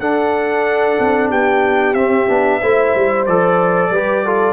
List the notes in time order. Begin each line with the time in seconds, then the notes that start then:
0.00 D4 A4 F#5
1.00 C4
1.30 B3 G4 G5
1.94 C4 E5
2.29 B3 D4
2.61 A3 E4 C5
2.95 G3
3.26 F3 A4 D5
3.90 G3 G4 B4
4.25 F4 A4